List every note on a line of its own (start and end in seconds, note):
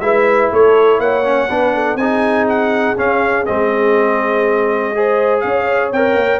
0.00 0.49 G#3
0.00 1.24 E4
0.00 0.52 B4
0.00 0.49 E5
0.52 0.98 A3
0.52 1.01 A4
0.52 1.00 C#5
0.98 1.48 A#3
0.98 1.49 C#5
0.98 1.97 F#5
1.24 1.48 C#4
1.49 1.95 B3
1.49 1.98 D4
1.49 1.73 B4
1.74 1.99 A4
1.95 2.94 C4
1.95 2.97 D#4
1.95 4.94 G#4
1.95 2.46 G#5
2.48 2.98 F#5
2.97 3.46 C#4
2.97 3.48 C#4
2.97 3.45 F5
3.45 5.44 G#3
3.45 4.94 C4
3.45 5.40 D#5
4.95 5.93 G#4
4.95 5.44 C5
5.40 5.92 C#4
5.40 6.39 C#5
5.40 5.89 F5
5.92 6.15 C4
5.92 6.39 A#4
5.92 6.39 G5
6.15 6.39 A#3